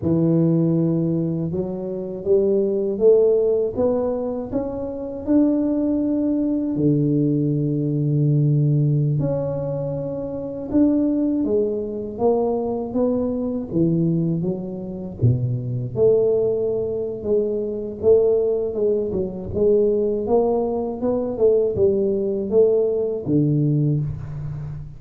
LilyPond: \new Staff \with { instrumentName = "tuba" } { \time 4/4 \tempo 4 = 80 e2 fis4 g4 | a4 b4 cis'4 d'4~ | d'4 d2.~ | d16 cis'2 d'4 gis8.~ |
gis16 ais4 b4 e4 fis8.~ | fis16 b,4 a4.~ a16 gis4 | a4 gis8 fis8 gis4 ais4 | b8 a8 g4 a4 d4 | }